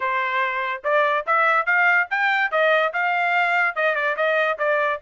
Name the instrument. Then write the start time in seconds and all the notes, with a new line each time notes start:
trumpet
0.00 C5
0.84 D5
1.26 E5
1.66 F5
2.10 G5
2.51 D#5
2.93 F5
3.75 D#5
3.95 D5
4.16 D#5
4.58 D5